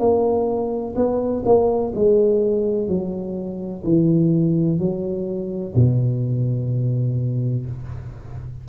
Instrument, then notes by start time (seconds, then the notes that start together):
tuba
0.00 A#3
0.96 B3
1.45 A#3
1.96 G#3
2.88 F#3
3.84 E3
4.79 F#3
5.76 B2